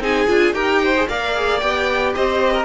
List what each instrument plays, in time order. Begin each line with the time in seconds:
0.00 cello C4, viola D#4, violin G#4 G#5
0.28 cello D4, viola F4
0.53 cello D#4, viola G4, violin A#4 G5
0.83 violin C5
0.97 viola G#4
1.09 cello A#3, viola A#4, violin D5 F5
1.36 viola G#4
1.60 cello B3, viola G4, violin G5
2.16 cello C4, violin C5 D#5
2.54 violin A#4